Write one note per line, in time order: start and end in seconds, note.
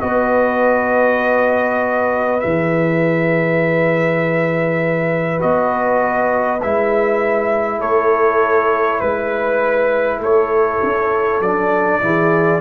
0.00 2.42 B3
0.00 2.40 F#4
0.00 7.79 B4
0.00 2.40 D#5
2.40 5.43 E3
2.40 5.38 G#4
2.40 5.40 E5
5.38 6.62 B3
5.38 6.58 F#4
5.38 6.61 D#5
6.62 7.81 G#3
6.62 11.43 E4
6.62 7.81 E5
7.79 9.01 A3
7.79 8.98 A4
7.79 9.00 C#5
9.00 10.19 G#3
9.00 10.20 B4
10.19 10.79 A3
10.19 12.01 A4
10.19 11.42 C#5
10.83 11.40 C#4
11.40 12.00 F#3
11.40 12.01 D4
11.40 12.61 D5
12.01 12.61 E3
12.01 12.61 E4
12.01 12.61 G#4